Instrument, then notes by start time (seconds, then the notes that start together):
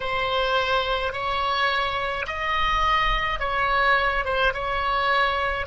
oboe
0.00 C5
1.12 C#5
2.26 D#5
3.40 C#5
4.25 C5
4.53 C#5